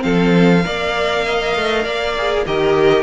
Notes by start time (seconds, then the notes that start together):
0.00 F3 C4 A4 F5
0.64 A#3 A#4 D5
1.26 D#5
1.57 A3
1.85 A#3 D5
2.18 G#4
2.47 D#3 G4 A#4 D#5